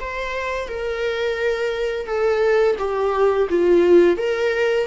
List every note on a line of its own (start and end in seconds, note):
0.00 0.68 C5
0.68 2.06 A#4
2.06 2.76 A4
2.78 3.48 G4
3.50 4.17 F4
4.17 4.87 A#4